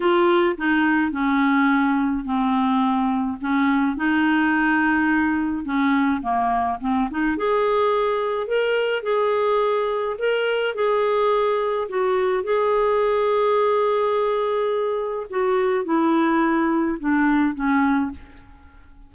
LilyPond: \new Staff \with { instrumentName = "clarinet" } { \time 4/4 \tempo 4 = 106 f'4 dis'4 cis'2 | c'2 cis'4 dis'4~ | dis'2 cis'4 ais4 | c'8 dis'8 gis'2 ais'4 |
gis'2 ais'4 gis'4~ | gis'4 fis'4 gis'2~ | gis'2. fis'4 | e'2 d'4 cis'4 | }